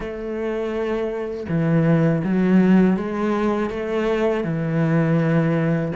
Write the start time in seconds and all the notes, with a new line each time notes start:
0.00 A3
1.48 E3
2.24 F#3
2.96 G#3
3.70 A3
4.43 E3